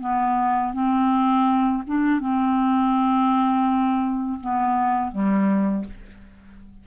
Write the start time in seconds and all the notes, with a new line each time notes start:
0.00 B3
0.73 C4
1.87 D4
2.20 C4
4.41 B3
5.12 G3